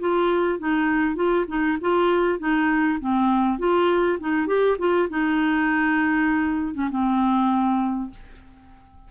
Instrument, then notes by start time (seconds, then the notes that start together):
clarinet
0.00 F4
0.59 D#4
1.16 F4
1.48 D#4
1.81 F4
2.39 D#4
3.00 C4
3.59 F4
4.20 D#4
4.47 G4
4.79 F4
5.10 D#4
6.75 C#4
6.90 C4